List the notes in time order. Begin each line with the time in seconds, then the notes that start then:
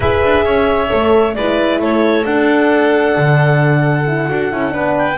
0.00 E4 G#4 B4 E5
0.23 D4
0.45 C#4 C#5
0.89 A3 A4
1.34 G#3 E4 B4 D5
1.78 A3 A4 C#5
2.24 D4 F#5
3.16 D3
4.07 E4
4.29 D4 F#4
4.51 C#4 E4
4.70 B3 D4 B4
4.97 G5